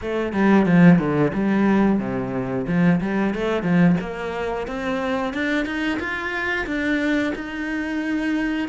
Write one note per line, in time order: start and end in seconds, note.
0.01 0.32 A3
0.32 0.65 G3
0.65 0.98 F3
0.98 1.32 D3
1.33 1.99 G3
1.99 2.65 C3
2.67 3.00 F3
3.01 3.34 G3
3.34 3.62 A3
3.62 3.95 F3
4.00 4.67 A#3
4.67 5.33 C4
5.33 5.65 D4
5.65 5.98 D#4
5.99 6.66 F4
6.66 7.33 D4
7.35 8.68 D#4